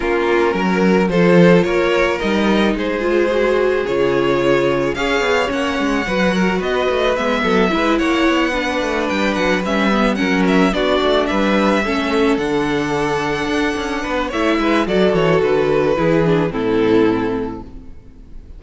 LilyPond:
<<
  \new Staff \with { instrumentName = "violin" } { \time 4/4 \tempo 4 = 109 ais'2 c''4 cis''4 | dis''4 c''2 cis''4~ | cis''4 f''4 fis''2 | dis''4 e''4. fis''4.~ |
fis''8 g''8 fis''8 e''4 fis''8 e''8 d''8~ | d''8 e''2 fis''4.~ | fis''2 e''4 d''8 cis''8 | b'2 a'2 | }
  \new Staff \with { instrumentName = "violin" } { \time 4/4 f'4 ais'4 a'4 ais'4~ | ais'4 gis'2.~ | gis'4 cis''2 b'8 ais'8 | b'4. a'8 b'8 cis''4 b'8~ |
b'2~ b'8 ais'4 fis'8~ | fis'8 b'4 a'2~ a'8~ | a'4. b'8 cis''8 b'8 a'4~ | a'4 gis'4 e'2 | }
  \new Staff \with { instrumentName = "viola" } { \time 4/4 cis'2 f'2 | dis'4. f'8 fis'4 f'4~ | f'4 gis'4 cis'4 fis'4~ | fis'4 b4 e'4. d'8~ |
d'4. cis'8 b8 cis'4 d'8~ | d'4. cis'4 d'4.~ | d'2 e'4 fis'4~ | fis'4 e'8 d'8 c'2 | }
  \new Staff \with { instrumentName = "cello" } { \time 4/4 ais4 fis4 f4 ais4 | g4 gis2 cis4~ | cis4 cis'8 b8 ais8 gis8 fis4 | b8 a8 gis8 fis8 gis8 ais8 b4 |
a8 g8 fis8 g4 fis4 b8 | a8 g4 a4 d4.~ | d8 d'8 cis'8 b8 a8 gis8 fis8 e8 | d4 e4 a,2 | }
>>